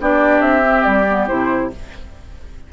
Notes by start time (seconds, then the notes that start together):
0.00 B3 D4 G4 D5
0.41 C4 E5
0.62 C4
0.84 G3 D5
1.08 B3
1.28 C3 E4 C5